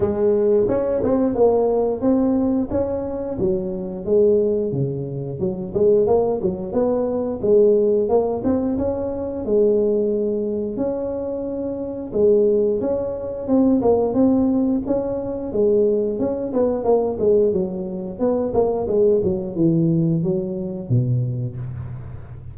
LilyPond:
\new Staff \with { instrumentName = "tuba" } { \time 4/4 \tempo 4 = 89 gis4 cis'8 c'8 ais4 c'4 | cis'4 fis4 gis4 cis4 | fis8 gis8 ais8 fis8 b4 gis4 | ais8 c'8 cis'4 gis2 |
cis'2 gis4 cis'4 | c'8 ais8 c'4 cis'4 gis4 | cis'8 b8 ais8 gis8 fis4 b8 ais8 | gis8 fis8 e4 fis4 b,4 | }